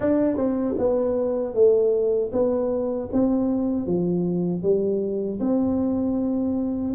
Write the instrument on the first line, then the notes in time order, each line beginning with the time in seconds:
tuba
0.00 D4
0.36 C4
0.78 B3
1.54 A3
2.32 B3
3.12 C4
3.86 F3
4.62 G3
5.40 C4